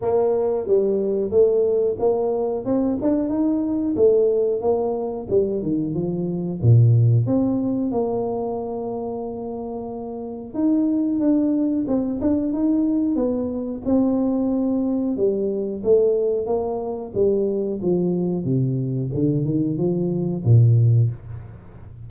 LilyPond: \new Staff \with { instrumentName = "tuba" } { \time 4/4 \tempo 4 = 91 ais4 g4 a4 ais4 | c'8 d'8 dis'4 a4 ais4 | g8 dis8 f4 ais,4 c'4 | ais1 |
dis'4 d'4 c'8 d'8 dis'4 | b4 c'2 g4 | a4 ais4 g4 f4 | c4 d8 dis8 f4 ais,4 | }